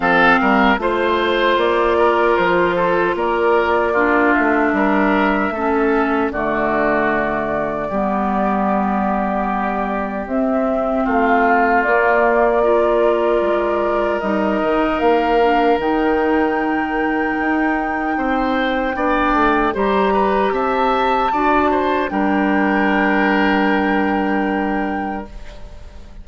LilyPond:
<<
  \new Staff \with { instrumentName = "flute" } { \time 4/4 \tempo 4 = 76 f''4 c''4 d''4 c''4 | d''4. e''2~ e''8 | d''1~ | d''4 e''4 f''4 d''4~ |
d''2 dis''4 f''4 | g''1~ | g''4 ais''4 a''2 | g''1 | }
  \new Staff \with { instrumentName = "oboe" } { \time 4/4 a'8 ais'8 c''4. ais'4 a'8 | ais'4 f'4 ais'4 a'4 | fis'2 g'2~ | g'2 f'2 |
ais'1~ | ais'2. c''4 | d''4 c''8 b'8 e''4 d''8 c''8 | ais'1 | }
  \new Staff \with { instrumentName = "clarinet" } { \time 4/4 c'4 f'2.~ | f'4 d'2 cis'4 | a2 b2~ | b4 c'2 ais4 |
f'2 dis'4. d'8 | dis'1 | d'4 g'2 fis'4 | d'1 | }
  \new Staff \with { instrumentName = "bassoon" } { \time 4/4 f8 g8 a4 ais4 f4 | ais4. a8 g4 a4 | d2 g2~ | g4 c'4 a4 ais4~ |
ais4 gis4 g8 dis8 ais4 | dis2 dis'4 c'4 | b8 a8 g4 c'4 d'4 | g1 | }
>>